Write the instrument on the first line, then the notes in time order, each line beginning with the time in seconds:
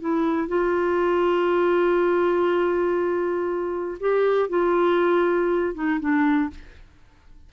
clarinet
0.00 E4
0.48 F4
4.00 G4
4.49 F4
5.74 D#4
6.00 D4